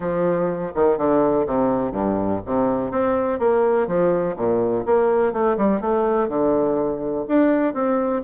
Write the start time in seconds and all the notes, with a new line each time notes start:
0.00 F3
0.75 D#3
0.97 D3
1.46 C3
1.92 G2
2.45 C3
2.91 C4
3.39 A#3
3.87 F3
4.36 A#2
4.85 A#3
5.32 A3
5.57 G3
5.80 A3
6.28 D3
7.27 D4
7.74 C4